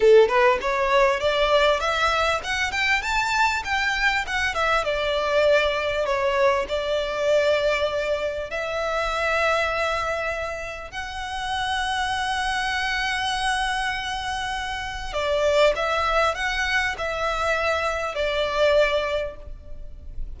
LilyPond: \new Staff \with { instrumentName = "violin" } { \time 4/4 \tempo 4 = 99 a'8 b'8 cis''4 d''4 e''4 | fis''8 g''8 a''4 g''4 fis''8 e''8 | d''2 cis''4 d''4~ | d''2 e''2~ |
e''2 fis''2~ | fis''1~ | fis''4 d''4 e''4 fis''4 | e''2 d''2 | }